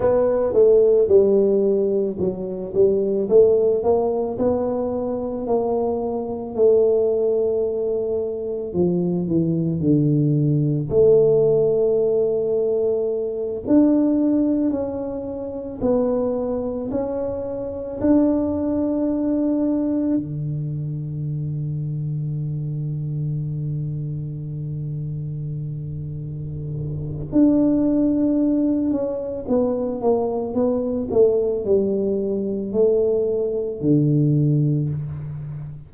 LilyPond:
\new Staff \with { instrumentName = "tuba" } { \time 4/4 \tempo 4 = 55 b8 a8 g4 fis8 g8 a8 ais8 | b4 ais4 a2 | f8 e8 d4 a2~ | a8 d'4 cis'4 b4 cis'8~ |
cis'8 d'2 d4.~ | d1~ | d4 d'4. cis'8 b8 ais8 | b8 a8 g4 a4 d4 | }